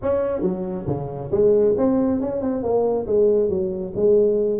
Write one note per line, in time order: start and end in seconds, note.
0.02 0.41 C#4
0.41 0.85 F#3
0.87 1.30 C#3
1.31 1.75 G#3
1.77 2.20 C4
2.20 2.41 C#4
2.41 2.62 C4
2.62 3.06 A#3
3.06 3.49 G#3
3.49 3.93 F#3
3.95 4.60 G#3